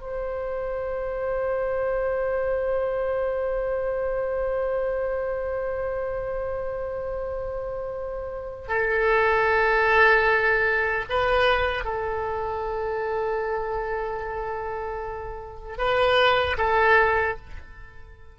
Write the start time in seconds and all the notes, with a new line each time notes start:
0.00 C5
8.68 A4
11.10 B4
11.84 A4
15.78 B4
16.58 A4